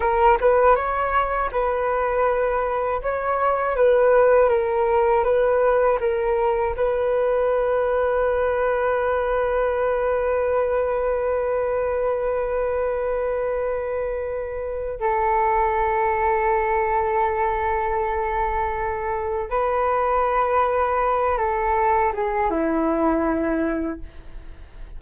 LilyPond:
\new Staff \with { instrumentName = "flute" } { \time 4/4 \tempo 4 = 80 ais'8 b'8 cis''4 b'2 | cis''4 b'4 ais'4 b'4 | ais'4 b'2.~ | b'1~ |
b'1 | a'1~ | a'2 b'2~ | b'8 a'4 gis'8 e'2 | }